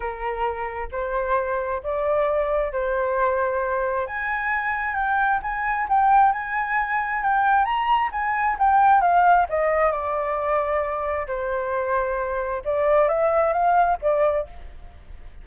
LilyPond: \new Staff \with { instrumentName = "flute" } { \time 4/4 \tempo 4 = 133 ais'2 c''2 | d''2 c''2~ | c''4 gis''2 g''4 | gis''4 g''4 gis''2 |
g''4 ais''4 gis''4 g''4 | f''4 dis''4 d''2~ | d''4 c''2. | d''4 e''4 f''4 d''4 | }